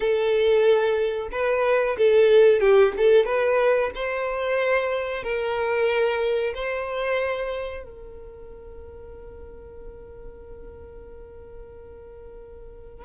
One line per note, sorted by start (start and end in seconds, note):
0.00 1.29 A4
1.31 1.97 B4
1.97 2.60 A4
2.60 2.93 G4
2.97 3.25 A4
3.25 3.90 B4
3.95 5.23 C5
5.23 6.53 A#4
6.54 7.83 C5
7.83 13.04 A#4